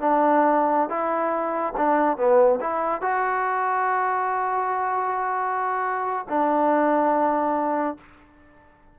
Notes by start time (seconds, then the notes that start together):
0.00 D4
0.90 E4
1.77 D4
2.17 B3
2.61 E4
3.01 F#4
6.29 D4